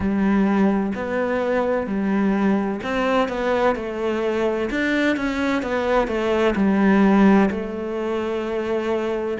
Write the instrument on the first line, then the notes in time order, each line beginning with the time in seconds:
cello
0.00 G3
0.95 B3
1.86 G3
2.83 C4
3.28 B3
3.75 A3
4.70 D4
5.16 C#4
5.62 B3
6.07 A3
6.55 G3
7.50 A3